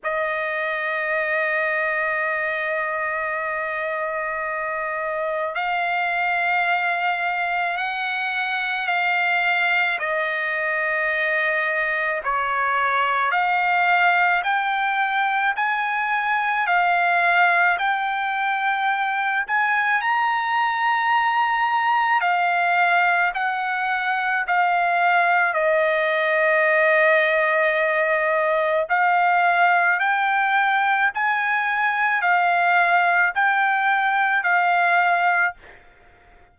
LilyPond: \new Staff \with { instrumentName = "trumpet" } { \time 4/4 \tempo 4 = 54 dis''1~ | dis''4 f''2 fis''4 | f''4 dis''2 cis''4 | f''4 g''4 gis''4 f''4 |
g''4. gis''8 ais''2 | f''4 fis''4 f''4 dis''4~ | dis''2 f''4 g''4 | gis''4 f''4 g''4 f''4 | }